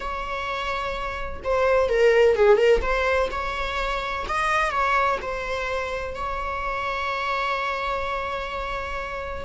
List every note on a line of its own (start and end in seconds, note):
0.00 1.40 C#5
1.44 1.89 C5
1.89 2.35 A#4
2.35 2.57 G#4
2.57 2.80 A#4
2.81 3.29 C5
3.31 4.25 C#5
4.28 4.71 D#5
4.71 5.18 C#5
5.21 6.14 C5
6.14 9.44 C#5